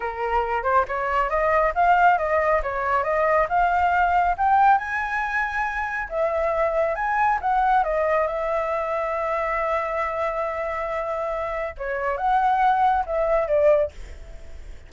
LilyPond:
\new Staff \with { instrumentName = "flute" } { \time 4/4 \tempo 4 = 138 ais'4. c''8 cis''4 dis''4 | f''4 dis''4 cis''4 dis''4 | f''2 g''4 gis''4~ | gis''2 e''2 |
gis''4 fis''4 dis''4 e''4~ | e''1~ | e''2. cis''4 | fis''2 e''4 d''4 | }